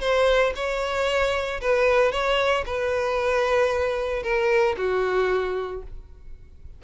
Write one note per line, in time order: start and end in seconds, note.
0.00 0.53 C5
0.55 1.60 C#5
1.61 2.11 B4
2.11 2.64 C#5
2.66 4.23 B4
4.23 4.75 A#4
4.77 5.82 F#4